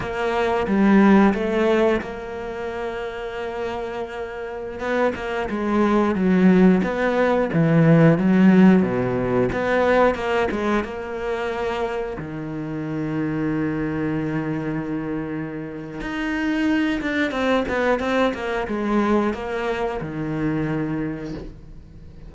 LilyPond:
\new Staff \with { instrumentName = "cello" } { \time 4/4 \tempo 4 = 90 ais4 g4 a4 ais4~ | ais2.~ ais16 b8 ais16~ | ais16 gis4 fis4 b4 e8.~ | e16 fis4 b,4 b4 ais8 gis16~ |
gis16 ais2 dis4.~ dis16~ | dis1 | dis'4. d'8 c'8 b8 c'8 ais8 | gis4 ais4 dis2 | }